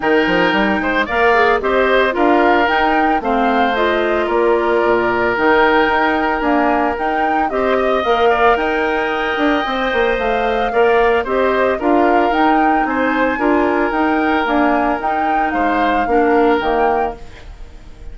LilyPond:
<<
  \new Staff \with { instrumentName = "flute" } { \time 4/4 \tempo 4 = 112 g''2 f''4 dis''4 | f''4 g''4 f''4 dis''4 | d''2 g''2 | gis''4 g''4 dis''4 f''4 |
g''2. f''4~ | f''4 dis''4 f''4 g''4 | gis''2 g''4 gis''4 | g''4 f''2 g''4 | }
  \new Staff \with { instrumentName = "oboe" } { \time 4/4 ais'4. c''8 d''4 c''4 | ais'2 c''2 | ais'1~ | ais'2 c''8 dis''4 d''8 |
dis''1 | d''4 c''4 ais'2 | c''4 ais'2.~ | ais'4 c''4 ais'2 | }
  \new Staff \with { instrumentName = "clarinet" } { \time 4/4 dis'2 ais'8 gis'8 g'4 | f'4 dis'4 c'4 f'4~ | f'2 dis'2 | ais4 dis'4 g'4 ais'4~ |
ais'2 c''2 | ais'4 g'4 f'4 dis'4~ | dis'4 f'4 dis'4 ais4 | dis'2 d'4 ais4 | }
  \new Staff \with { instrumentName = "bassoon" } { \time 4/4 dis8 f8 g8 gis8 ais4 c'4 | d'4 dis'4 a2 | ais4 ais,4 dis4 dis'4 | d'4 dis'4 c'4 ais4 |
dis'4. d'8 c'8 ais8 a4 | ais4 c'4 d'4 dis'4 | c'4 d'4 dis'4 d'4 | dis'4 gis4 ais4 dis4 | }
>>